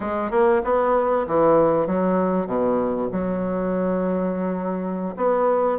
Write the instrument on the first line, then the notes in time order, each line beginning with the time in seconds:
bassoon
0.00 G#3
0.30 A#3
0.63 B3
1.27 E3
1.86 F#3
2.47 B2
3.12 F#3
5.16 B3